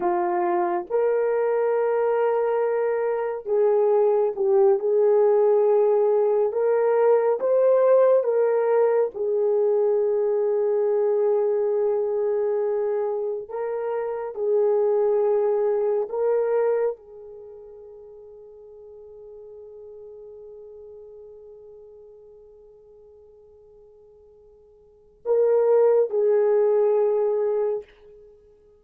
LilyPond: \new Staff \with { instrumentName = "horn" } { \time 4/4 \tempo 4 = 69 f'4 ais'2. | gis'4 g'8 gis'2 ais'8~ | ais'8 c''4 ais'4 gis'4.~ | gis'2.~ gis'8 ais'8~ |
ais'8 gis'2 ais'4 gis'8~ | gis'1~ | gis'1~ | gis'4 ais'4 gis'2 | }